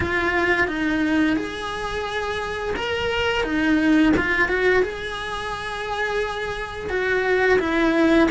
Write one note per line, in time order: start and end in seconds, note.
0.00 0.67 F4
0.67 1.36 D#4
1.36 2.74 G#4
2.76 3.43 A#4
3.43 4.12 D#4
4.16 4.48 F4
4.48 4.82 F#4
4.82 6.89 G#4
6.89 7.58 F#4
7.59 8.28 E4